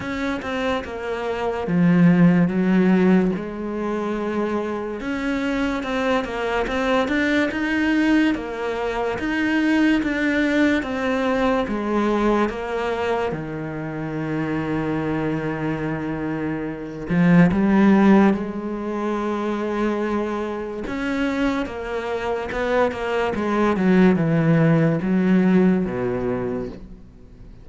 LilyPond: \new Staff \with { instrumentName = "cello" } { \time 4/4 \tempo 4 = 72 cis'8 c'8 ais4 f4 fis4 | gis2 cis'4 c'8 ais8 | c'8 d'8 dis'4 ais4 dis'4 | d'4 c'4 gis4 ais4 |
dis1~ | dis8 f8 g4 gis2~ | gis4 cis'4 ais4 b8 ais8 | gis8 fis8 e4 fis4 b,4 | }